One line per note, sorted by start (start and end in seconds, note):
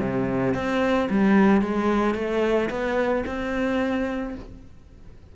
0.00 0.54 C3
0.54 1.09 C4
1.10 1.62 G3
1.62 2.15 G#3
2.15 2.70 A3
2.70 3.25 B3
3.26 4.35 C4